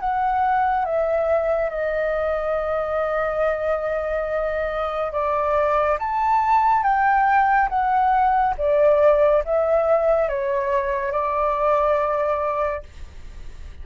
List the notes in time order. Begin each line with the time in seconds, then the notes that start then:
0.00 F#5
0.85 E5
1.69 D#5
5.12 D5
5.99 A5
6.83 G5
7.69 F#5
8.58 D5
9.44 E5
10.29 C#5
11.12 D5